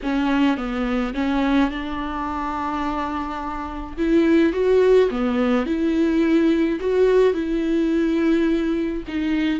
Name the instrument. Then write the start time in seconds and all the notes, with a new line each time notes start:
viola
0.02 C#4
0.57 B3
1.14 C#4
1.70 D4
3.97 E4
4.53 F#4
5.10 B3
5.66 E4
6.80 F#4
7.33 E4
9.07 D#4